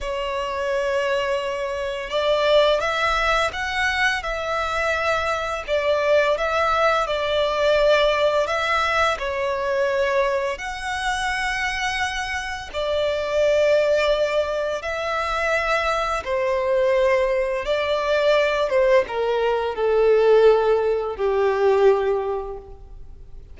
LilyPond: \new Staff \with { instrumentName = "violin" } { \time 4/4 \tempo 4 = 85 cis''2. d''4 | e''4 fis''4 e''2 | d''4 e''4 d''2 | e''4 cis''2 fis''4~ |
fis''2 d''2~ | d''4 e''2 c''4~ | c''4 d''4. c''8 ais'4 | a'2 g'2 | }